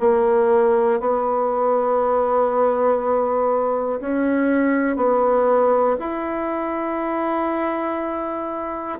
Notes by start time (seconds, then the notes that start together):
0.00 A#3
1.00 B3
4.00 C#4
4.96 B3
5.99 E4